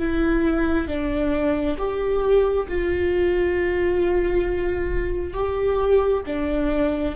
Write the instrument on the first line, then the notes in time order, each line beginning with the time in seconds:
viola
0.00 E4
0.88 D4
1.78 G4
2.69 F4
5.34 G4
6.27 D4